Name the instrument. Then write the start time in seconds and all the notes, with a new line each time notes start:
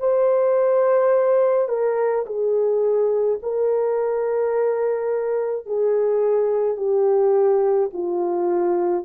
horn
0.00 C5
1.69 A#4
2.26 G#4
3.43 A#4
5.67 G#4
6.77 G4
7.93 F4